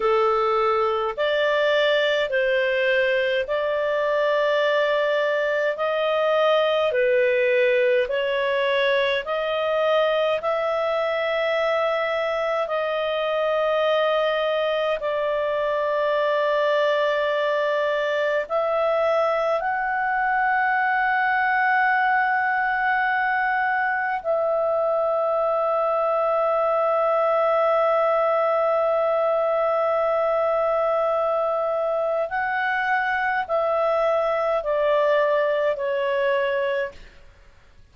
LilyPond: \new Staff \with { instrumentName = "clarinet" } { \time 4/4 \tempo 4 = 52 a'4 d''4 c''4 d''4~ | d''4 dis''4 b'4 cis''4 | dis''4 e''2 dis''4~ | dis''4 d''2. |
e''4 fis''2.~ | fis''4 e''2.~ | e''1 | fis''4 e''4 d''4 cis''4 | }